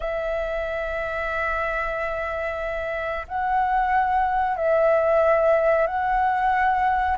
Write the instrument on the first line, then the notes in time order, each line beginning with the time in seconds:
flute
0.00 E5
3.28 F#5
4.57 E5
5.87 F#5